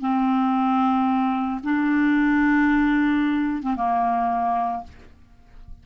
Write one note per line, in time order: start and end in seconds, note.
0.00 1.61 C4
1.63 3.62 D4
3.62 3.76 C4
3.76 4.83 A#3